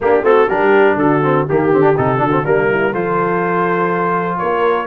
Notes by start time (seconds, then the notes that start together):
0.01 A#3 D4 G4
0.22 A3 C4 F#4 A4
0.46 G3 D4 G4 A#4
0.96 D3 F#4 A4
1.22 C4
1.48 D#3 A#3 G4
1.72 D3 C4
1.81 D4
1.96 C3 D#4 A4
2.17 D3 D4 F#4
2.31 C4
2.44 G3 A#3 D4 A#4
2.69 E4
2.91 F3 F4 A4 C5
4.37 A#3 A#4 C#5